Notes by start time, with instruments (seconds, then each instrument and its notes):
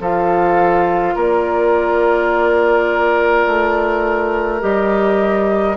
0.00 bassoon F3, clarinet F4, oboe A4, flute F5
1.15 bassoon A#3, oboe A#4, flute D5
3.47 bassoon A3
4.61 bassoon G3, clarinet G4, flute D#5